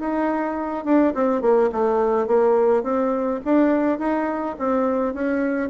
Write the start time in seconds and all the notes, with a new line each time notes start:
0.00 D#4
0.85 D4
1.15 C4
1.42 A#3
1.72 A3
2.27 A#3
2.83 C4
3.45 D4
3.99 D#4
4.59 C4
5.14 C#4